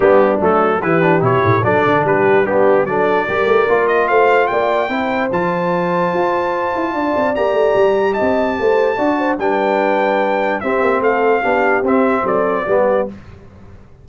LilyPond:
<<
  \new Staff \with { instrumentName = "trumpet" } { \time 4/4 \tempo 4 = 147 g'4 a'4 b'4 cis''4 | d''4 b'4 g'4 d''4~ | d''4. dis''8 f''4 g''4~ | g''4 a''2.~ |
a''2 ais''2 | a''2. g''4~ | g''2 e''4 f''4~ | f''4 e''4 d''2 | }
  \new Staff \with { instrumentName = "horn" } { \time 4/4 d'2 g'2 | a'4 g'4 d'4 a'4 | ais'2 c''4 d''4 | c''1~ |
c''4 d''2. | dis''4 c''4 d''8 c''8 b'4~ | b'2 g'4 a'4 | g'2 a'4 g'4 | }
  \new Staff \with { instrumentName = "trombone" } { \time 4/4 b4 a4 e'8 d'8 e'4 | d'2 b4 d'4 | g'4 f'2. | e'4 f'2.~ |
f'2 g'2~ | g'2 fis'4 d'4~ | d'2 c'2 | d'4 c'2 b4 | }
  \new Staff \with { instrumentName = "tuba" } { \time 4/4 g4 fis4 e4 b,8 a,8 | fis8 d8 g2 fis4 | g8 a8 ais4 a4 ais4 | c'4 f2 f'4~ |
f'8 e'8 d'8 c'8 ais8 a8 g4 | c'4 a4 d'4 g4~ | g2 c'8 ais8 a4 | b4 c'4 fis4 g4 | }
>>